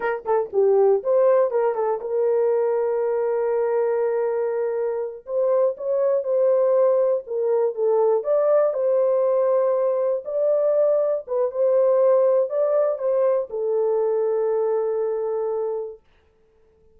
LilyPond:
\new Staff \with { instrumentName = "horn" } { \time 4/4 \tempo 4 = 120 ais'8 a'8 g'4 c''4 ais'8 a'8 | ais'1~ | ais'2~ ais'8 c''4 cis''8~ | cis''8 c''2 ais'4 a'8~ |
a'8 d''4 c''2~ c''8~ | c''8 d''2 b'8 c''4~ | c''4 d''4 c''4 a'4~ | a'1 | }